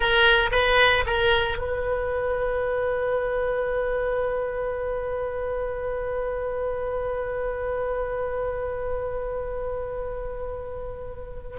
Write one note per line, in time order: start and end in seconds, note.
0.00 0.50 A#4
0.51 1.04 B4
1.06 1.57 A#4
1.57 11.57 B4